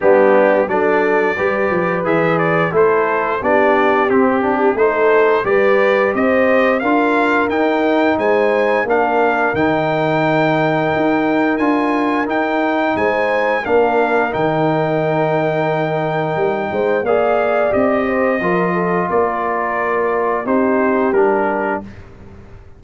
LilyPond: <<
  \new Staff \with { instrumentName = "trumpet" } { \time 4/4 \tempo 4 = 88 g'4 d''2 e''8 d''8 | c''4 d''4 g'4 c''4 | d''4 dis''4 f''4 g''4 | gis''4 f''4 g''2~ |
g''4 gis''4 g''4 gis''4 | f''4 g''2.~ | g''4 f''4 dis''2 | d''2 c''4 ais'4 | }
  \new Staff \with { instrumentName = "horn" } { \time 4/4 d'4 a'4 b'2 | a'4 g'2 a'4 | b'4 c''4 ais'2 | c''4 ais'2.~ |
ais'2. c''4 | ais'1~ | ais'8 c''8 d''4. c''8 ais'8 a'8 | ais'2 g'2 | }
  \new Staff \with { instrumentName = "trombone" } { \time 4/4 b4 d'4 g'4 gis'4 | e'4 d'4 c'8 d'8 dis'4 | g'2 f'4 dis'4~ | dis'4 d'4 dis'2~ |
dis'4 f'4 dis'2 | d'4 dis'2.~ | dis'4 gis'4 g'4 f'4~ | f'2 dis'4 d'4 | }
  \new Staff \with { instrumentName = "tuba" } { \time 4/4 g4 fis4 g8 f8 e4 | a4 b4 c'4 a4 | g4 c'4 d'4 dis'4 | gis4 ais4 dis2 |
dis'4 d'4 dis'4 gis4 | ais4 dis2. | g8 gis8 ais4 c'4 f4 | ais2 c'4 g4 | }
>>